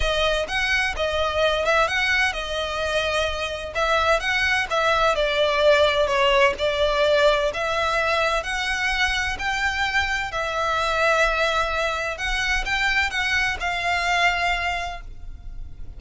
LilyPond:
\new Staff \with { instrumentName = "violin" } { \time 4/4 \tempo 4 = 128 dis''4 fis''4 dis''4. e''8 | fis''4 dis''2. | e''4 fis''4 e''4 d''4~ | d''4 cis''4 d''2 |
e''2 fis''2 | g''2 e''2~ | e''2 fis''4 g''4 | fis''4 f''2. | }